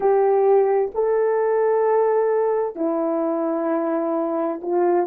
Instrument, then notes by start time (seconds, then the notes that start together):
horn
0.00 G4
0.94 A4
2.75 E4
4.62 F4